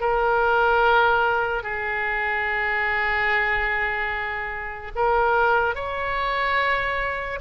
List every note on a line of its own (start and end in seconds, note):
0.00 1.63 A#4
1.63 4.92 G#4
4.95 5.75 A#4
5.75 7.39 C#5